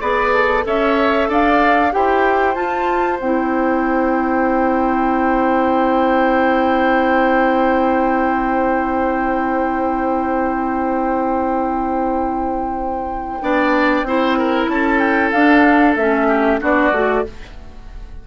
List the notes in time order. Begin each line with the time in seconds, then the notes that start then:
0.00 B3 G#4 B4 D5
0.33 A4
0.63 C#4 A4 C#5 E5
1.28 D4 D5 F5
1.91 E4 G4 C5 G5
2.54 F4 A5
3.20 C4 E4 G5
13.41 B3 D4 D5
14.03 C4 E4 C5
14.38 A#4
14.67 C#4 A4 A5
14.98 G5
15.31 D4 F5
15.96 A3 C#4 E5
16.28 G4
16.60 B3 D4 F#4 D5
16.91 A3 F#4